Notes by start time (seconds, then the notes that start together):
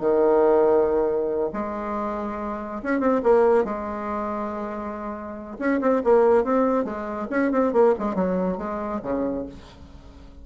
0.00 D#3
1.54 G#3
2.83 C#4
3.00 C4
3.23 A#3
3.64 G#3
5.59 C#4
5.81 C4
6.04 A#3
6.44 C4
6.85 G#3
7.30 C#4
7.52 C4
7.73 A#3
7.99 G#3
8.15 F#3
8.58 G#3
9.03 C#3